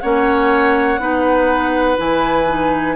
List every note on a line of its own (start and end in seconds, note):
0.00 0.99 A#3
0.00 1.00 C#4
0.00 1.01 C#5
0.00 1.97 F#5
0.99 1.97 B3
0.99 1.98 D#4
0.99 2.97 B4
1.98 2.97 E3
1.98 2.47 E4
1.98 2.97 G#5
2.48 2.97 D#4